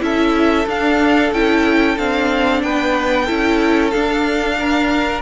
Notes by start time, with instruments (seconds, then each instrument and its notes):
0.00 cello C#4, viola E4, violin A4 E5
0.67 cello D4, viola D4, violin F5
1.32 cello C#4, viola E4, violin G5
1.97 cello C4, viola D4, violin F5
2.63 cello B3, violin B4 G5
3.25 cello C#4, viola E4, violin A4
3.91 viola D4, cello D4, violin F5
4.59 violin A#4